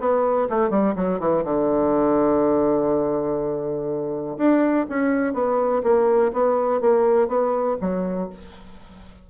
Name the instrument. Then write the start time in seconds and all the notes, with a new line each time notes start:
bassoon
0.00 B3
0.50 A3
0.71 G3
0.96 F#3
1.20 E3
1.45 D3
4.38 D4
4.90 C#4
5.34 B3
5.83 A#3
6.33 B3
6.81 A#3
7.29 B3
7.81 F#3